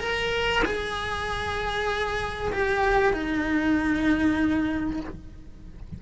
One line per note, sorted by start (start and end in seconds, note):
0.00 0.62 A#4
0.65 2.53 G#4
2.53 3.13 G4
3.13 5.00 D#4